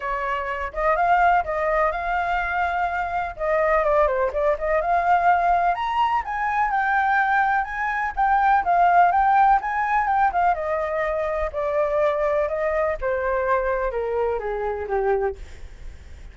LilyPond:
\new Staff \with { instrumentName = "flute" } { \time 4/4 \tempo 4 = 125 cis''4. dis''8 f''4 dis''4 | f''2. dis''4 | d''8 c''8 d''8 dis''8 f''2 | ais''4 gis''4 g''2 |
gis''4 g''4 f''4 g''4 | gis''4 g''8 f''8 dis''2 | d''2 dis''4 c''4~ | c''4 ais'4 gis'4 g'4 | }